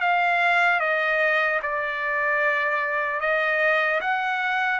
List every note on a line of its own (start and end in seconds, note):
0.00 0.80 F5
0.80 1.60 D#5
1.62 3.20 D5
3.20 4.00 D#5
4.00 4.79 F#5